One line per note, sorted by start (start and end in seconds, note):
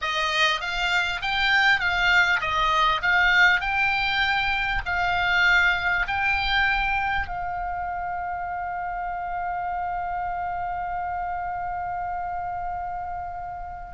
0.01 0.60 D#5
0.60 1.21 F5
1.21 1.79 G5
1.79 2.40 F5
2.40 3.01 D#5
3.02 3.60 F5
3.60 4.82 G5
4.85 6.07 F5
6.07 7.27 G5
7.27 13.94 F5